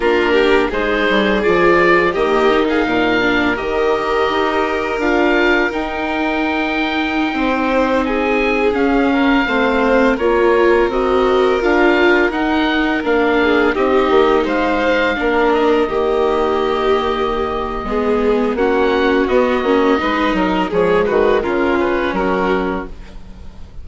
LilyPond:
<<
  \new Staff \with { instrumentName = "oboe" } { \time 4/4 \tempo 4 = 84 ais'4 c''4 d''4 dis''8. f''16~ | f''4 dis''2 f''4 | g''2.~ g''16 gis''8.~ | gis''16 f''2 cis''4 dis''8.~ |
dis''16 f''4 fis''4 f''4 dis''8.~ | dis''16 f''4. dis''2~ dis''16~ | dis''2 fis''4 dis''4~ | dis''4 cis''8 b'8 ais'8 b'8 ais'4 | }
  \new Staff \with { instrumentName = "violin" } { \time 4/4 f'8 g'8 gis'2 g'8. gis'16 | ais'1~ | ais'2~ ais'16 c''4 gis'8.~ | gis'8. ais'8 c''4 ais'4.~ ais'16~ |
ais'2~ ais'8. gis'8 g'8.~ | g'16 c''4 ais'4 g'4.~ g'16~ | g'4 gis'4 fis'2 | b'8 ais'8 gis'8 fis'8 f'4 fis'4 | }
  \new Staff \with { instrumentName = "viola" } { \time 4/4 d'4 dis'4 f'4 ais8 dis'8~ | dis'8 d'8 g'2 f'4 | dis'1~ | dis'16 cis'4 c'4 f'4 fis'8.~ |
fis'16 f'4 dis'4 d'4 dis'8.~ | dis'4~ dis'16 d'4 ais4.~ ais16~ | ais4 b4 cis'4 b8 cis'8 | dis'4 gis4 cis'2 | }
  \new Staff \with { instrumentName = "bassoon" } { \time 4/4 ais4 gis8 g8 f4 dis4 | ais,4 dis4 dis'4 d'4 | dis'2~ dis'16 c'4.~ c'16~ | c'16 cis'4 a4 ais4 c'8.~ |
c'16 d'4 dis'4 ais4 c'8 ais16~ | ais16 gis4 ais4 dis4.~ dis16~ | dis4 gis4 ais4 b8 ais8 | gis8 fis8 f8 dis8 cis4 fis4 | }
>>